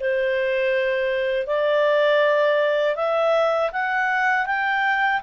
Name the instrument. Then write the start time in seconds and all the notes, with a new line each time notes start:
clarinet
0.00 C5
1.47 D5
2.96 E5
3.73 F#5
4.46 G5